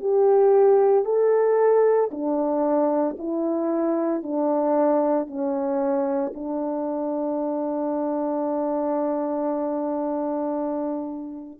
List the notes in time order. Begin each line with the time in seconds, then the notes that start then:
0.00 G4
1.05 A4
2.11 D4
3.18 E4
4.22 D4
5.27 C#4
6.34 D4